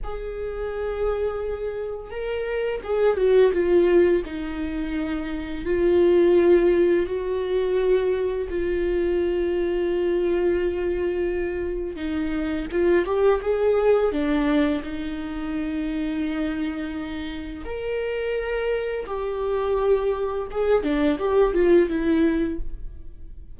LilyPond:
\new Staff \with { instrumentName = "viola" } { \time 4/4 \tempo 4 = 85 gis'2. ais'4 | gis'8 fis'8 f'4 dis'2 | f'2 fis'2 | f'1~ |
f'4 dis'4 f'8 g'8 gis'4 | d'4 dis'2.~ | dis'4 ais'2 g'4~ | g'4 gis'8 d'8 g'8 f'8 e'4 | }